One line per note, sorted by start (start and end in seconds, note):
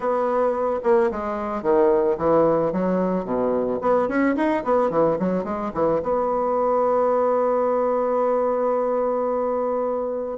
0.00 0.79 B3
0.83 1.10 A#3
1.11 1.62 G#3
1.62 2.17 D#3
2.17 2.72 E3
2.72 3.24 F#3
3.24 3.79 B2
3.81 4.08 B3
4.08 4.35 C#4
4.36 4.63 D#4
4.64 4.90 B3
4.90 5.17 E3
5.19 5.44 F#3
5.44 5.71 G#3
5.74 6.01 E3
6.02 10.38 B3